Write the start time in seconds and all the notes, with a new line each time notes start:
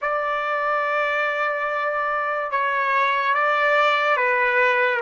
0.01 D5
2.51 C#5
3.34 D5
4.17 B4